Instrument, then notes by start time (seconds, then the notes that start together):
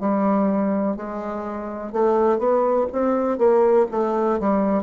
bassoon
0.00 G3
0.96 G#3
1.92 A3
2.39 B3
2.93 C4
3.38 A#3
3.91 A3
4.40 G3